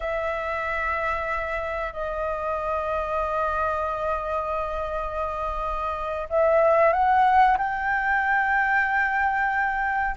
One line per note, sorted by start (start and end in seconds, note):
0.00 1.92 E5
1.92 6.28 D#5
6.29 6.92 E5
6.92 7.57 F#5
7.57 10.15 G5